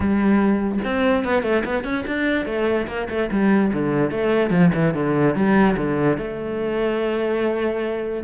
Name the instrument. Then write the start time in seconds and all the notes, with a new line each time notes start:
cello
0.00 G3
0.84 C4
1.24 B3
1.42 A3
1.64 B3
1.83 C#4
2.06 D4
2.45 A3
2.87 A#3
3.09 A3
3.31 G3
3.73 D3
4.10 A3
4.50 F3
4.74 E3
4.94 D3
5.35 G3
5.76 D3
6.17 A3